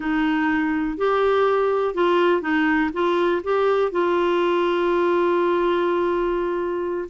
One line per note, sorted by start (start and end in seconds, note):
0.00 0.97 D#4
0.97 1.94 G4
1.94 2.41 F4
2.41 2.90 D#4
2.93 3.42 F4
3.43 3.91 G4
3.91 7.08 F4